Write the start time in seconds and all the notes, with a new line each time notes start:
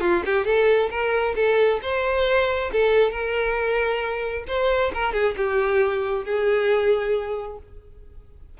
0.00 F4
0.25 G4
0.45 A4
0.90 A#4
1.35 A4
1.82 C5
2.72 A4
3.11 A#4
4.47 C5
4.93 A#4
5.13 G#4
5.36 G4
6.24 G#4